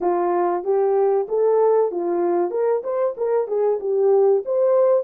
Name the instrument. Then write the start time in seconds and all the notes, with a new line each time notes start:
horn
0.01 F4
0.63 G4
1.28 A4
1.91 F4
2.50 A#4
2.83 C5
3.17 A#4
3.47 G#4
3.80 G4
4.45 C5